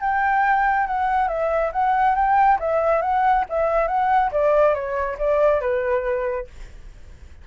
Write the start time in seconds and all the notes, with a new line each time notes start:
0.00 G5
0.87 F#5
1.28 E5
1.72 F#5
2.15 G5
2.59 E5
3.01 F#5
3.49 E5
3.87 F#5
4.32 D5
4.74 C#5
5.18 D5
5.61 B4